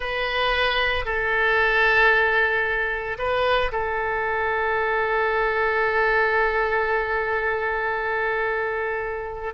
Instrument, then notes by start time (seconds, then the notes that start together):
oboe
0.00 B4
1.05 A4
3.18 B4
3.72 A4